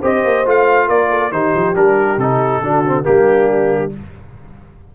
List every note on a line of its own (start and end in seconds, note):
0.00 0.25 C4
0.00 0.45 G4
0.00 0.87 C5
0.00 0.48 D#5
0.25 0.46 A#3
0.45 0.89 A3
0.45 1.32 F4
0.45 0.89 F5
0.87 1.32 A#3
0.87 1.08 A#4
0.87 1.31 D5
1.10 1.31 A4
1.31 1.53 D#3
1.31 1.74 D#4
1.31 2.63 G4
1.31 1.75 C5
1.55 1.76 F3
1.74 2.17 G3
1.74 2.18 D4
1.74 2.19 A#4
2.17 2.60 C3
2.17 2.63 D#4
2.17 3.05 A4
2.61 3.04 D3
2.61 2.85 D4
2.61 3.06 F#4
2.85 3.03 C4
3.03 3.95 G3
3.03 3.90 A#3
3.03 3.94 D4
3.03 3.91 G4